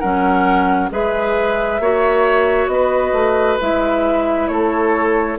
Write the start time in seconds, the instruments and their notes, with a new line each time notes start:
0.00 bassoon F#3, clarinet C#4, oboe A#4, flute F#5
0.91 bassoon G#3, clarinet G#4, oboe B4, flute E5
1.80 bassoon A#3, clarinet F#4, oboe C#5
2.68 bassoon B3, oboe B4, flute D#5
3.13 bassoon A3
3.61 bassoon G#3, clarinet E4, flute E5
4.48 bassoon A3, oboe A4, flute C#5